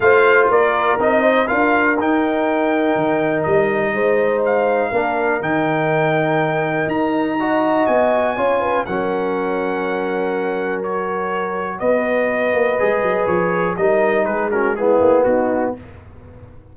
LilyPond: <<
  \new Staff \with { instrumentName = "trumpet" } { \time 4/4 \tempo 4 = 122 f''4 d''4 dis''4 f''4 | g''2. dis''4~ | dis''4 f''2 g''4~ | g''2 ais''2 |
gis''2 fis''2~ | fis''2 cis''2 | dis''2. cis''4 | dis''4 b'8 ais'8 gis'4 fis'4 | }
  \new Staff \with { instrumentName = "horn" } { \time 4/4 c''4 ais'4. c''8 ais'4~ | ais'1 | c''2 ais'2~ | ais'2. dis''4~ |
dis''4 cis''8 b'8 ais'2~ | ais'1 | b'1 | ais'4 gis'8 fis'8 e'4 dis'4 | }
  \new Staff \with { instrumentName = "trombone" } { \time 4/4 f'2 dis'4 f'4 | dis'1~ | dis'2 d'4 dis'4~ | dis'2. fis'4~ |
fis'4 f'4 cis'2~ | cis'2 fis'2~ | fis'2 gis'2 | dis'4. cis'8 b2 | }
  \new Staff \with { instrumentName = "tuba" } { \time 4/4 a4 ais4 c'4 d'4 | dis'2 dis4 g4 | gis2 ais4 dis4~ | dis2 dis'2 |
b4 cis'4 fis2~ | fis1 | b4. ais8 gis8 fis8 f4 | g4 gis4. ais8 b4 | }
>>